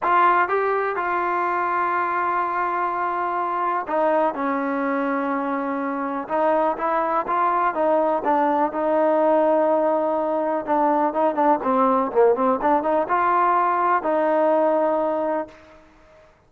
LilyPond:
\new Staff \with { instrumentName = "trombone" } { \time 4/4 \tempo 4 = 124 f'4 g'4 f'2~ | f'1 | dis'4 cis'2.~ | cis'4 dis'4 e'4 f'4 |
dis'4 d'4 dis'2~ | dis'2 d'4 dis'8 d'8 | c'4 ais8 c'8 d'8 dis'8 f'4~ | f'4 dis'2. | }